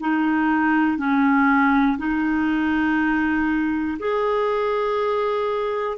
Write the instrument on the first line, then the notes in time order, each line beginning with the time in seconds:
clarinet
0.00 D#4
0.97 C#4
1.98 D#4
3.99 G#4